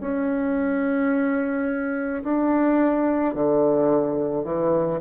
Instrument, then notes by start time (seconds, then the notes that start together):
bassoon
0.00 C#4
2.23 D4
3.34 D3
4.44 E3